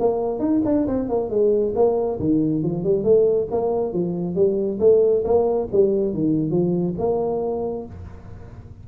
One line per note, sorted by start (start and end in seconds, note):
0.00 0.40 A#3
0.40 0.62 D#4
0.65 0.87 D4
0.88 1.09 C4
1.09 1.30 A#3
1.30 1.74 G#3
1.75 2.19 A#3
2.20 2.63 D#3
2.63 2.84 F3
2.84 3.04 G3
3.04 3.48 A3
3.51 3.93 A#3
3.93 4.35 F3
4.35 4.79 G3
4.80 5.24 A3
5.25 5.68 A#3
5.72 6.14 G3
6.14 6.51 D#3
6.51 6.94 F3
6.98 7.86 A#3